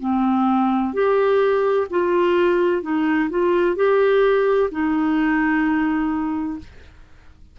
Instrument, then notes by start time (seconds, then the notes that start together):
clarinet
0.00 C4
0.93 G4
1.90 F4
2.83 D#4
3.30 F4
3.76 G4
4.71 D#4